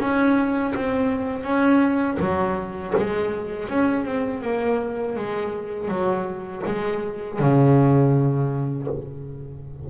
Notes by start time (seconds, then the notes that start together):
0.00 C#4
0.75 C4
1.43 C#4
2.20 F#3
2.97 G#3
3.69 C#4
4.05 C4
4.42 A#3
5.16 G#3
5.88 F#3
6.66 G#3
7.39 C#3